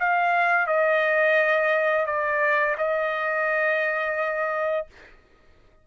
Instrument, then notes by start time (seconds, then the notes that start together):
trumpet
0.00 F5
0.67 D#5
2.06 D5
2.78 D#5